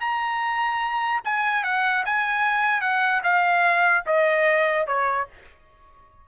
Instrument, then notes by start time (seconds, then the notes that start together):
trumpet
0.00 A#5
1.24 G#5
1.64 F#5
2.05 G#5
2.81 F#5
3.23 F5
4.06 D#5
4.87 C#5